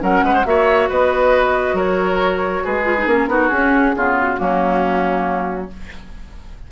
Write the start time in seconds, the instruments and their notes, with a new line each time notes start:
0.00 bassoon F#3, clarinet C#4, oboe A#4, flute F#5
0.23 bassoon G#3, oboe B4
0.34 oboe C5
0.45 bassoon A#3, clarinet F#4, oboe C#5, flute E5
0.89 bassoon B3, oboe B4, flute D#5
1.74 bassoon F#3, oboe A#4, flute C#5
2.64 bassoon G#3, oboe G#4, flute B4
2.85 clarinet F4
2.98 clarinet D#4
3.06 bassoon A#3, clarinet C#4, flute A#4
3.28 bassoon B3, clarinet D#4, oboe F#4
3.49 clarinet C#4, bassoon C#4, flute G#4
3.95 bassoon C#3, clarinet B3, oboe F4
4.17 flute F#4
4.37 bassoon F#3, clarinet A#3, oboe C#4